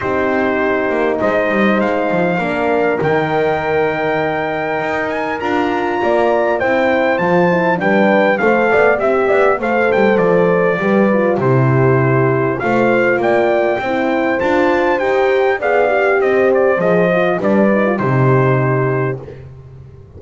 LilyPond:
<<
  \new Staff \with { instrumentName = "trumpet" } { \time 4/4 \tempo 4 = 100 c''2 dis''4 f''4~ | f''4 g''2.~ | g''8 gis''8 ais''2 g''4 | a''4 g''4 f''4 e''4 |
f''8 g''8 d''2 c''4~ | c''4 f''4 g''2 | a''4 g''4 f''4 dis''8 d''8 | dis''4 d''4 c''2 | }
  \new Staff \with { instrumentName = "horn" } { \time 4/4 g'2 c''2 | ais'1~ | ais'2 d''4 c''4~ | c''4 b'4 c''8 d''8 e''8 d''8 |
c''2 b'4 g'4~ | g'4 c''4 d''4 c''4~ | c''2 d''4 c''4~ | c''4 b'4 g'2 | }
  \new Staff \with { instrumentName = "horn" } { \time 4/4 dis'1 | d'4 dis'2.~ | dis'4 f'2 e'4 | f'8 e'8 d'4 a'4 g'4 |
a'2 g'8 f'8 e'4~ | e'4 f'2 e'4 | f'4 g'4 gis'8 g'4. | gis'8 f'8 d'8 dis'16 f'16 dis'2 | }
  \new Staff \with { instrumentName = "double bass" } { \time 4/4 c'4. ais8 gis8 g8 gis8 f8 | ais4 dis2. | dis'4 d'4 ais4 c'4 | f4 g4 a8 b8 c'8 b8 |
a8 g8 f4 g4 c4~ | c4 a4 ais4 c'4 | d'4 dis'4 b4 c'4 | f4 g4 c2 | }
>>